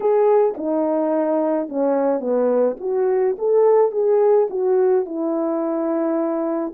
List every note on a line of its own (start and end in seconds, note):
0.00 0.54 G#4
0.57 1.68 D#4
1.68 2.20 C#4
2.20 2.76 B3
2.80 3.36 F#4
3.38 3.91 A4
3.91 4.47 G#4
4.50 5.05 F#4
5.05 6.73 E4